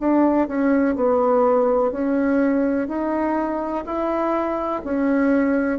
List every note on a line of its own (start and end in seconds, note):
0.00 0.48 D4
0.48 0.95 C#4
0.95 1.91 B3
1.91 2.88 C#4
2.88 3.84 D#4
3.85 4.82 E4
4.84 5.79 C#4